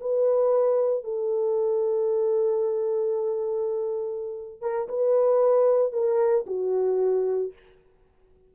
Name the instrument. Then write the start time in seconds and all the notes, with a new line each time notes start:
horn
0.00 B4
1.04 A4
4.61 A#4
4.88 B4
5.92 A#4
6.47 F#4